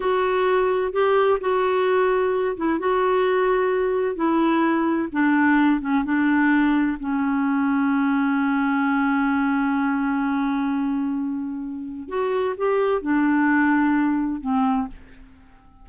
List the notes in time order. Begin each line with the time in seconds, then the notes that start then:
0.00 F#4
0.92 G4
1.40 F#4
2.56 E4
2.79 F#4
4.15 E4
5.12 D4
5.80 C#4
6.04 D4
6.99 C#4
12.08 F#4
12.57 G4
13.01 D4
14.41 C4